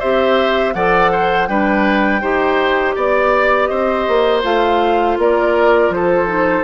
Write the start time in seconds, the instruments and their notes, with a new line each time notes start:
0.00 bassoon C4, clarinet G4, oboe C5, flute E5
0.74 bassoon F3, clarinet A4, oboe D5, flute F#5
1.12 oboe C5
1.47 bassoon G3, clarinet D4, oboe B4, flute G5
2.22 bassoon D#4, clarinet G4, oboe C5
2.96 bassoon B3, oboe D5, flute D5
3.67 bassoon C4, oboe C5, flute D#5
4.08 bassoon A#3
4.43 bassoon A3, clarinet F4, flute F5
5.18 bassoon A#3, oboe A#4, flute D5
5.90 bassoon F3, oboe A4, flute C5
6.27 clarinet D#4